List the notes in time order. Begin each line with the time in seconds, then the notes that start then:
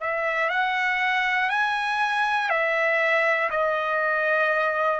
0.00 E5
0.50 F#5
1.49 G#5
2.49 E5
3.50 D#5